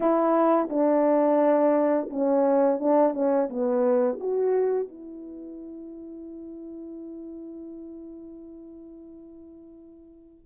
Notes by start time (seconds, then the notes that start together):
0.00 E4
0.69 D4
2.10 C#4
2.79 D4
3.13 C#4
3.49 B3
4.20 F#4
4.88 E4